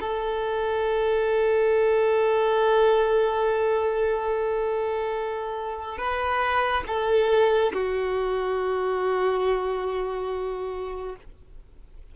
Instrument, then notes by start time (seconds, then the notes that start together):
violin
0.00 A4
5.97 B4
6.86 A4
7.73 F#4